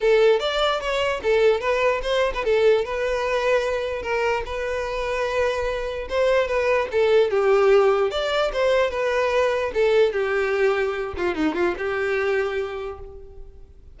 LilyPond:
\new Staff \with { instrumentName = "violin" } { \time 4/4 \tempo 4 = 148 a'4 d''4 cis''4 a'4 | b'4 c''8. b'16 a'4 b'4~ | b'2 ais'4 b'4~ | b'2. c''4 |
b'4 a'4 g'2 | d''4 c''4 b'2 | a'4 g'2~ g'8 f'8 | dis'8 f'8 g'2. | }